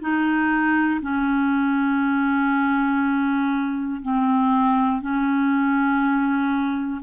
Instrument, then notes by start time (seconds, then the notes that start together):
clarinet
0.00 D#4
1.01 C#4
4.01 C4
5.01 C#4